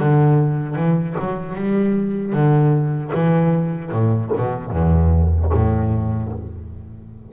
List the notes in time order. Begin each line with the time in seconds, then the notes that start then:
0.00 D3
0.76 E3
1.19 F#3
1.55 G3
2.33 D3
3.14 E3
3.92 A2
4.37 B2
4.71 E2
5.54 A2